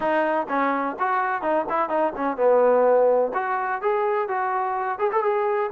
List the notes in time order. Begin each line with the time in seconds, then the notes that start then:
0.00 D#4
0.48 C#4
0.99 F#4
1.42 D#4
1.69 E4
1.89 D#4
2.16 C#4
2.36 B3
3.34 F#4
3.81 G#4
4.28 F#4
4.98 G#4
5.11 A4
5.23 G#4